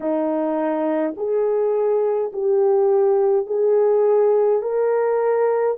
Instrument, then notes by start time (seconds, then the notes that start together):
horn
0.00 D#4
1.16 G#4
2.32 G4
3.46 G#4
4.62 A#4